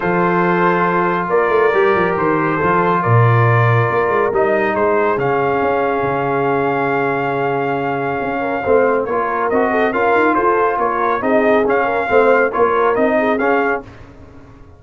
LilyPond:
<<
  \new Staff \with { instrumentName = "trumpet" } { \time 4/4 \tempo 4 = 139 c''2. d''4~ | d''4 c''2 d''4~ | d''2 dis''4 c''4 | f''1~ |
f''1~ | f''4 cis''4 dis''4 f''4 | c''4 cis''4 dis''4 f''4~ | f''4 cis''4 dis''4 f''4 | }
  \new Staff \with { instrumentName = "horn" } { \time 4/4 a'2. ais'4~ | ais'2 a'4 ais'4~ | ais'2. gis'4~ | gis'1~ |
gis'2.~ gis'8 ais'8 | c''4 ais'4. a'8 ais'4 | a'4 ais'4 gis'4. ais'8 | c''4 ais'4. gis'4. | }
  \new Staff \with { instrumentName = "trombone" } { \time 4/4 f'1 | g'2 f'2~ | f'2 dis'2 | cis'1~ |
cis'1 | c'4 f'4 fis'4 f'4~ | f'2 dis'4 cis'4 | c'4 f'4 dis'4 cis'4 | }
  \new Staff \with { instrumentName = "tuba" } { \time 4/4 f2. ais8 a8 | g8 f8 dis4 f4 ais,4~ | ais,4 ais8 gis8 g4 gis4 | cis4 cis'4 cis2~ |
cis2. cis'4 | a4 ais4 c'4 cis'8 dis'8 | f'4 ais4 c'4 cis'4 | a4 ais4 c'4 cis'4 | }
>>